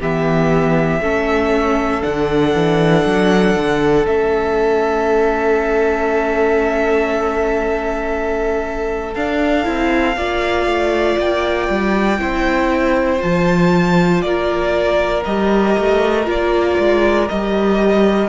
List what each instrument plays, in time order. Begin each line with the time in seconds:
0.00 cello E3, viola B3, violin G4 E5
1.01 cello A3, viola C#4, violin A4
2.02 cello D3, viola D4, violin F#5
2.54 cello E3
3.06 cello F#3
3.56 cello D3
4.07 cello A3, viola C#4, violin E5
9.15 cello D4, viola D4, violin F5
9.64 cello C4, viola E4
10.17 cello A#3, viola F4, violin D5
10.67 cello A3
11.18 cello A#3, violin G5
11.69 cello G3
12.19 cello C4, viola E4, violin C5
13.19 cello F3, viola F4, violin A5
14.22 cello A#3, violin A#4 D5
15.25 cello G3, viola G4, violin D#5
15.79 cello A3
16.26 cello A#3, viola F4, violin D5
16.79 cello G#3
17.29 cello G3, viola G4, violin D#5